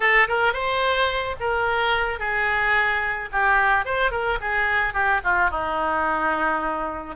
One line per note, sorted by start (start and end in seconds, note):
0.00 0.27 A4
0.28 0.53 A#4
0.53 1.35 C5
1.40 2.19 A#4
2.19 3.29 G#4
3.32 3.85 G4
3.85 4.11 C5
4.11 4.38 A#4
4.40 4.93 G#4
4.93 5.20 G4
5.23 5.50 F4
5.50 7.15 D#4